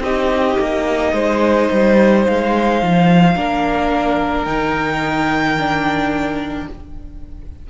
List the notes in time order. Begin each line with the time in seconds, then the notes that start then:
0.00 C4 D#4 G4 D#5
0.60 A#3
1.13 G#3 C5
1.72 G3
2.25 G#3 F5
2.82 F3
3.35 A#3 D4 A#4
4.45 D#3 D#4 G5
5.59 D4